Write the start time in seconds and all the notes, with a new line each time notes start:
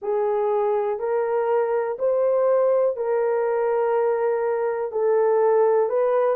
0.01 G#4
0.99 A#4
1.99 C5
2.96 A#4
4.91 A4
5.89 B4